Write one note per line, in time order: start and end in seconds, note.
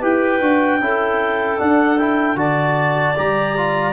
0.00 0.40 E4
0.00 0.40 G4
0.00 0.79 B4
0.00 1.59 G5
0.40 0.79 D4
0.40 0.80 F#4
0.79 1.58 C#4
0.79 1.58 E4
0.79 2.39 A4
1.58 1.97 D4
1.58 2.35 D4
1.58 1.98 F#5
1.98 2.36 E4
1.98 2.37 G5
2.35 3.14 D3
2.35 3.15 F#4
2.35 3.93 D5
2.35 3.16 A5
3.16 3.93 G3
3.16 3.56 G4
3.16 3.93 A#5
3.57 3.93 F4